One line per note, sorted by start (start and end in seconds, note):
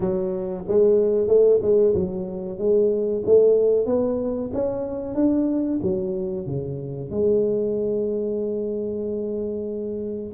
0.00 0.64 F#3
0.67 1.27 G#3
1.27 1.60 A3
1.61 1.94 G#3
1.94 2.58 F#3
2.58 3.23 G#3
3.25 3.86 A3
3.86 4.50 B3
4.53 5.14 C#4
5.14 5.79 D4
5.82 6.46 F#3
6.46 7.10 C#3
7.10 10.32 G#3